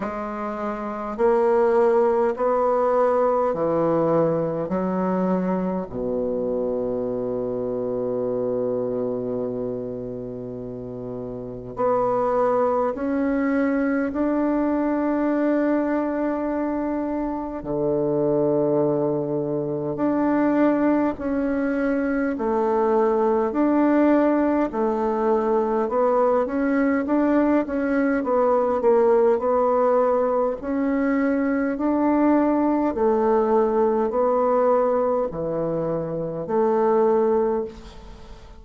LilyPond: \new Staff \with { instrumentName = "bassoon" } { \time 4/4 \tempo 4 = 51 gis4 ais4 b4 e4 | fis4 b,2.~ | b,2 b4 cis'4 | d'2. d4~ |
d4 d'4 cis'4 a4 | d'4 a4 b8 cis'8 d'8 cis'8 | b8 ais8 b4 cis'4 d'4 | a4 b4 e4 a4 | }